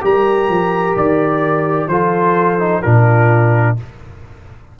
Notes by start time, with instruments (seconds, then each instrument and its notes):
0.00 tuba G3, trombone G4, horn A#4, trumpet A#5
0.48 tuba F3
0.96 tuba D#3, trumpet D5
1.87 tuba F3, trombone F4, horn A4, trumpet C5
2.58 trombone D#4
2.82 tuba A#2, trombone D4, horn F4, trumpet A#4